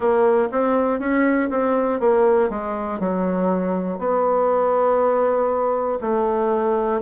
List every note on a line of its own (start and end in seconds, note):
0.00 0.48 A#3
0.51 0.99 C4
0.99 1.49 C#4
1.50 2.00 C4
2.00 2.49 A#3
2.49 2.99 G#3
3.00 3.99 F#3
3.99 5.99 B3
6.00 7.00 A3